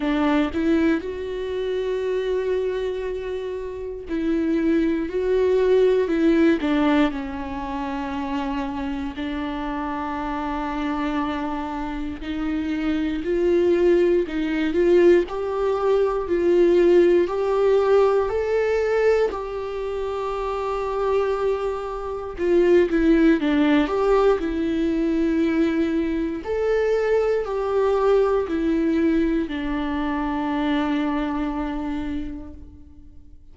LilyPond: \new Staff \with { instrumentName = "viola" } { \time 4/4 \tempo 4 = 59 d'8 e'8 fis'2. | e'4 fis'4 e'8 d'8 cis'4~ | cis'4 d'2. | dis'4 f'4 dis'8 f'8 g'4 |
f'4 g'4 a'4 g'4~ | g'2 f'8 e'8 d'8 g'8 | e'2 a'4 g'4 | e'4 d'2. | }